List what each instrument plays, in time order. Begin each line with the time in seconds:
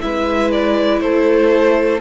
0.00 cello G#3, viola E4, violin B4 E5
0.51 violin D5
1.00 cello A3, violin A4 C5